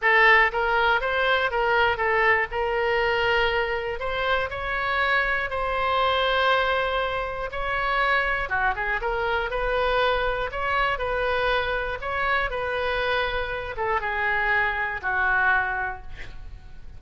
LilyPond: \new Staff \with { instrumentName = "oboe" } { \time 4/4 \tempo 4 = 120 a'4 ais'4 c''4 ais'4 | a'4 ais'2. | c''4 cis''2 c''4~ | c''2. cis''4~ |
cis''4 fis'8 gis'8 ais'4 b'4~ | b'4 cis''4 b'2 | cis''4 b'2~ b'8 a'8 | gis'2 fis'2 | }